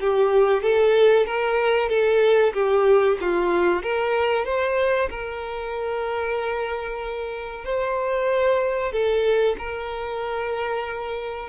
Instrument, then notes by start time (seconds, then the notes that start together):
violin
0.00 G4
0.62 A4
1.26 A#4
1.89 A4
2.54 G4
3.21 F4
3.83 A#4
4.45 C5
5.10 A#4
7.65 C5
8.92 A4
9.58 A#4